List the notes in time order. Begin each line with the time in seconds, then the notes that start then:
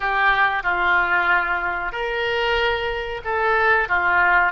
0.00 G4
0.63 F4
1.92 A#4
3.24 A4
3.88 F4